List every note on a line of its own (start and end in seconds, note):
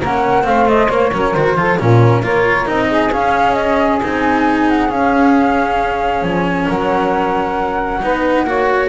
0.00 0.45 A#3
0.00 0.44 C#4
0.00 0.44 A#4
0.00 0.46 F#5
0.44 0.89 A3
0.44 0.65 C4
0.44 1.12 C5
0.44 0.69 F5
0.65 0.88 A3
0.65 0.90 D#5
0.89 1.11 A#3
0.89 1.34 C#5
1.12 1.34 F#3
1.12 1.35 C#4
1.12 1.57 A#4
1.34 1.55 D#3
1.34 1.57 F#4
1.34 1.78 C5
1.55 1.77 F3
1.55 1.79 F4
1.55 1.80 A4
1.79 2.21 A#2
1.79 2.22 C#4
1.79 2.22 F4
1.79 2.25 A#4
2.21 2.66 A#3
2.21 2.65 F4
2.21 2.88 A#4
2.21 2.67 C#5
2.65 3.12 C4
2.65 3.10 D#4
2.65 3.12 D#5
2.89 6.66 G#4
3.12 4.01 C#4
3.12 3.53 F5
3.53 3.98 D#5
4.02 4.91 C4
4.02 4.89 D#4
4.02 4.69 G#5
4.69 4.91 F#5
4.89 8.00 C#4
4.89 6.22 C#4
4.89 6.24 F5
6.22 6.67 F3
6.22 6.68 G#5
6.67 8.03 F#3
6.67 8.00 A#4
6.67 8.89 F#5
8.02 8.44 B3
8.02 8.46 D#4
8.02 8.46 B4
8.44 8.88 A#3
8.44 8.89 F#4
8.44 8.89 C#5